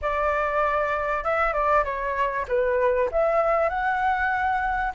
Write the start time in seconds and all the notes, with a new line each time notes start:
0.01 D5
1.23 E5
1.53 D5
1.84 C#5
2.47 B4
3.11 E5
3.69 F#5